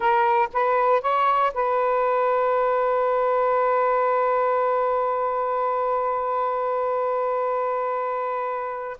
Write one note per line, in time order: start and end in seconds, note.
0.00 0.48 A#4
0.53 1.01 B4
1.01 1.52 C#5
1.54 8.97 B4